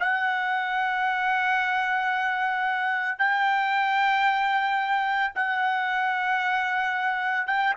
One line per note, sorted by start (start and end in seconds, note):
0.00 3.19 F#5
3.19 5.33 G5
5.35 7.48 F#5
7.48 7.74 G5